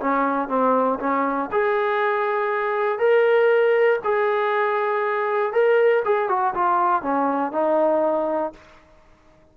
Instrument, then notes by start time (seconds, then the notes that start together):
trombone
0.00 C#4
0.48 C4
1.00 C#4
1.52 G#4
2.99 A#4
4.04 G#4
5.53 A#4
6.05 G#4
6.29 F#4
6.55 F4
7.03 C#4
7.52 D#4